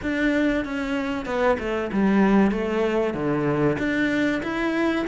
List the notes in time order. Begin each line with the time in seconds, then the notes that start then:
0.02 D4
0.64 C#4
1.25 B3
1.59 A3
1.92 G3
2.51 A3
3.13 D3
3.78 D4
4.42 E4